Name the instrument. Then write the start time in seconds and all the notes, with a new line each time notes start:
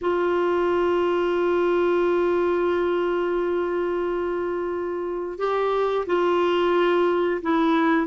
clarinet
0.01 F4
5.38 G4
6.06 F4
7.42 E4